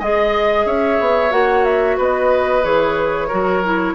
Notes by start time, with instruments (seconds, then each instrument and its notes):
0.00 bassoon G#3, clarinet G#4, oboe D#5, flute D#5
0.66 bassoon C#4, oboe C#5, flute E5
1.00 bassoon B3
1.31 bassoon A#3, clarinet F#4, flute F#5
1.65 flute E5
1.98 bassoon B3, oboe B4, flute D#5
2.63 bassoon E3, clarinet G#4, flute C#5
3.28 bassoon F#3, clarinet F#4, oboe A#4
3.64 clarinet E4